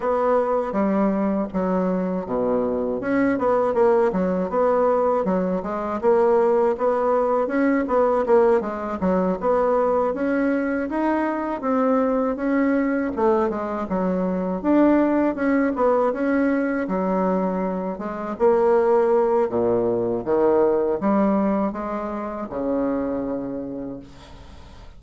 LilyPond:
\new Staff \with { instrumentName = "bassoon" } { \time 4/4 \tempo 4 = 80 b4 g4 fis4 b,4 | cis'8 b8 ais8 fis8 b4 fis8 gis8 | ais4 b4 cis'8 b8 ais8 gis8 | fis8 b4 cis'4 dis'4 c'8~ |
c'8 cis'4 a8 gis8 fis4 d'8~ | d'8 cis'8 b8 cis'4 fis4. | gis8 ais4. ais,4 dis4 | g4 gis4 cis2 | }